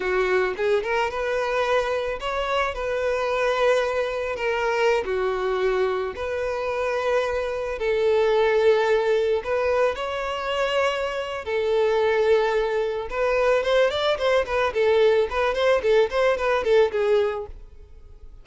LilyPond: \new Staff \with { instrumentName = "violin" } { \time 4/4 \tempo 4 = 110 fis'4 gis'8 ais'8 b'2 | cis''4 b'2. | ais'4~ ais'16 fis'2 b'8.~ | b'2~ b'16 a'4.~ a'16~ |
a'4~ a'16 b'4 cis''4.~ cis''16~ | cis''4 a'2. | b'4 c''8 d''8 c''8 b'8 a'4 | b'8 c''8 a'8 c''8 b'8 a'8 gis'4 | }